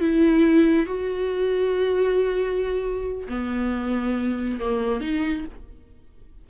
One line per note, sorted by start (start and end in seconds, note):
0.00 0.86 E4
0.86 3.27 F#4
3.28 4.60 B3
4.60 5.01 A#3
5.01 5.44 D#4